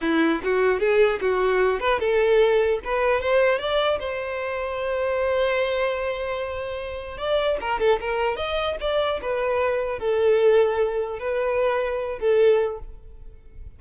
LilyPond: \new Staff \with { instrumentName = "violin" } { \time 4/4 \tempo 4 = 150 e'4 fis'4 gis'4 fis'4~ | fis'8 b'8 a'2 b'4 | c''4 d''4 c''2~ | c''1~ |
c''2 d''4 ais'8 a'8 | ais'4 dis''4 d''4 b'4~ | b'4 a'2. | b'2~ b'8 a'4. | }